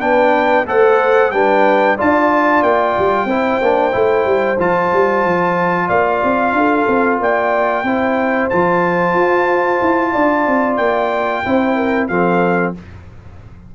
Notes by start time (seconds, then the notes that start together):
0.00 B3 D4 B4 G5
0.66 A3 A4 C5 F#5
1.31 G3 D4 B4 G5
1.96 D4 F4 D5 A5
2.62 A#3 G5
2.98 G3
3.25 C4 E4 C5
3.61 A#3 D4
3.91 A3 E4
4.25 G3
4.58 F3 F4 A5
4.93 G3
5.24 F3
5.87 A#3 D5 F5
6.23 C4
6.53 D4 A4
6.88 C4
7.20 A#3 D5 G5
7.83 C4 E4 C5
8.49 F3 F4 A5
9.14 F4
9.81 E4
10.12 D4 D5
10.47 C4
10.76 A#3 G5
11.44 C4 E4 C5
11.76 A#4
12.07 F3 C4 A4 F5